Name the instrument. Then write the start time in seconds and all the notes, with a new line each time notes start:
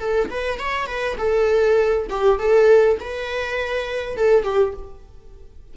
viola
0.00 A4
0.31 B4
0.60 C#5
0.87 B4
1.18 A4
2.10 G4
2.39 A4
3.01 B4
4.17 A4
4.44 G4